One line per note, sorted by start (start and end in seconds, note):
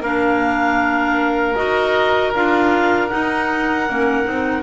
0.00 1.54 A#3
0.00 1.56 D4
0.00 4.63 A#4
0.00 1.54 F5
1.54 2.34 D#4
1.54 2.33 F#4
1.54 2.31 D#5
2.34 3.11 D4
2.34 3.09 F4
2.34 3.09 F5
3.09 3.86 D#4
3.09 3.89 D#4
3.09 4.63 F#5
3.88 4.27 A#3
3.88 4.23 C#4
4.23 4.63 C4
4.23 4.62 D#4